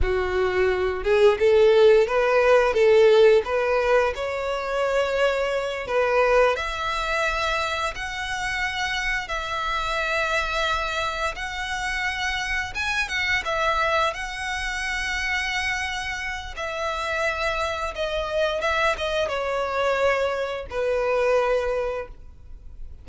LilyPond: \new Staff \with { instrumentName = "violin" } { \time 4/4 \tempo 4 = 87 fis'4. gis'8 a'4 b'4 | a'4 b'4 cis''2~ | cis''8 b'4 e''2 fis''8~ | fis''4. e''2~ e''8~ |
e''8 fis''2 gis''8 fis''8 e''8~ | e''8 fis''2.~ fis''8 | e''2 dis''4 e''8 dis''8 | cis''2 b'2 | }